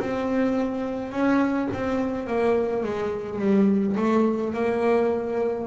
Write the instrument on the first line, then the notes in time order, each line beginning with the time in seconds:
double bass
0.00 C4
1.12 C#4
1.73 C4
2.27 A#3
2.84 G#3
3.39 G3
3.97 A3
4.53 A#3